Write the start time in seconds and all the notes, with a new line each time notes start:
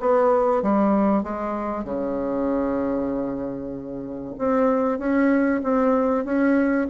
0.00 B3
0.62 G3
1.23 G#3
1.85 C#3
4.39 C4
4.99 C#4
5.63 C4
6.25 C#4